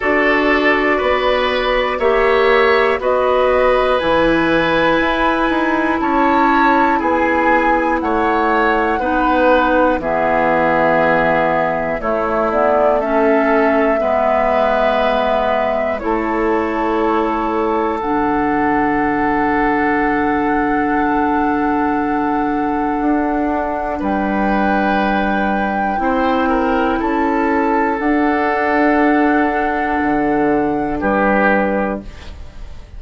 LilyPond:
<<
  \new Staff \with { instrumentName = "flute" } { \time 4/4 \tempo 4 = 60 d''2 e''4 dis''4 | gis''2 a''4 gis''4 | fis''2 e''2 | cis''8 d''8 e''2. |
cis''2 fis''2~ | fis''1 | g''2. a''4 | fis''2. b'4 | }
  \new Staff \with { instrumentName = "oboe" } { \time 4/4 a'4 b'4 cis''4 b'4~ | b'2 cis''4 gis'4 | cis''4 b'4 gis'2 | e'4 a'4 b'2 |
a'1~ | a'1 | b'2 c''8 ais'8 a'4~ | a'2. g'4 | }
  \new Staff \with { instrumentName = "clarinet" } { \time 4/4 fis'2 g'4 fis'4 | e'1~ | e'4 dis'4 b2 | a8 b8 cis'4 b2 |
e'2 d'2~ | d'1~ | d'2 e'2 | d'1 | }
  \new Staff \with { instrumentName = "bassoon" } { \time 4/4 d'4 b4 ais4 b4 | e4 e'8 dis'8 cis'4 b4 | a4 b4 e2 | a2 gis2 |
a2 d2~ | d2. d'4 | g2 c'4 cis'4 | d'2 d4 g4 | }
>>